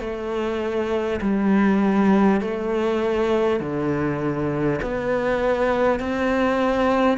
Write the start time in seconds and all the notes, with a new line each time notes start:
0.00 A3
1.21 G3
2.40 A3
3.60 D3
4.82 B3
5.99 C4